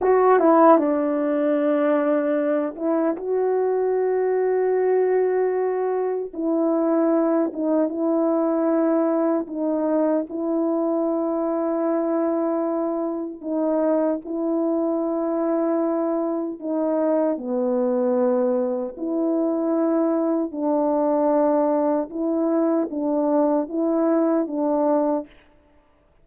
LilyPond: \new Staff \with { instrumentName = "horn" } { \time 4/4 \tempo 4 = 76 fis'8 e'8 d'2~ d'8 e'8 | fis'1 | e'4. dis'8 e'2 | dis'4 e'2.~ |
e'4 dis'4 e'2~ | e'4 dis'4 b2 | e'2 d'2 | e'4 d'4 e'4 d'4 | }